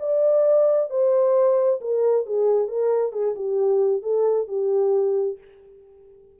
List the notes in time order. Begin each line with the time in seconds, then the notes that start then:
0.00 D5
0.90 C5
1.81 A#4
2.26 G#4
2.68 A#4
3.13 G#4
3.35 G4
4.03 A4
4.48 G4